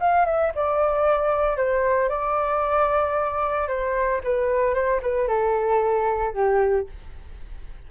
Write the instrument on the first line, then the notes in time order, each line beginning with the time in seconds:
flute
0.00 F5
0.25 E5
0.55 D5
1.57 C5
2.09 D5
3.68 C5
4.24 B4
4.74 C5
5.02 B4
5.28 A4
6.34 G4